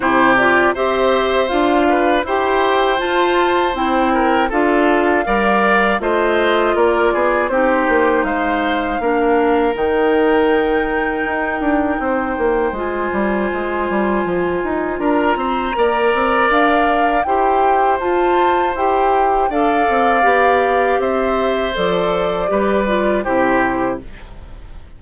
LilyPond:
<<
  \new Staff \with { instrumentName = "flute" } { \time 4/4 \tempo 4 = 80 c''8 d''8 e''4 f''4 g''4 | a''4 g''4 f''2 | dis''4 d''4 c''4 f''4~ | f''4 g''2.~ |
g''4 gis''2. | ais''2 f''4 g''4 | a''4 g''4 f''2 | e''4 d''2 c''4 | }
  \new Staff \with { instrumentName = "oboe" } { \time 4/4 g'4 c''4. b'8 c''4~ | c''4. ais'8 a'4 d''4 | c''4 ais'8 gis'8 g'4 c''4 | ais'1 |
c''1 | ais'8 c''8 d''2 c''4~ | c''2 d''2 | c''2 b'4 g'4 | }
  \new Staff \with { instrumentName = "clarinet" } { \time 4/4 e'8 f'8 g'4 f'4 g'4 | f'4 e'4 f'4 ais'4 | f'2 dis'2 | d'4 dis'2.~ |
dis'4 f'2.~ | f'4 ais'2 g'4 | f'4 g'4 a'4 g'4~ | g'4 a'4 g'8 f'8 e'4 | }
  \new Staff \with { instrumentName = "bassoon" } { \time 4/4 c4 c'4 d'4 e'4 | f'4 c'4 d'4 g4 | a4 ais8 b8 c'8 ais8 gis4 | ais4 dis2 dis'8 d'8 |
c'8 ais8 gis8 g8 gis8 g8 f8 dis'8 | d'8 c'8 ais8 c'8 d'4 e'4 | f'4 e'4 d'8 c'8 b4 | c'4 f4 g4 c4 | }
>>